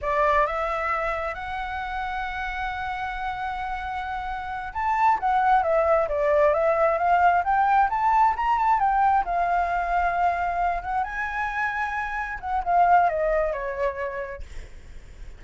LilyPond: \new Staff \with { instrumentName = "flute" } { \time 4/4 \tempo 4 = 133 d''4 e''2 fis''4~ | fis''1~ | fis''2~ fis''8 a''4 fis''8~ | fis''8 e''4 d''4 e''4 f''8~ |
f''8 g''4 a''4 ais''8 a''8 g''8~ | g''8 f''2.~ f''8 | fis''8 gis''2. fis''8 | f''4 dis''4 cis''2 | }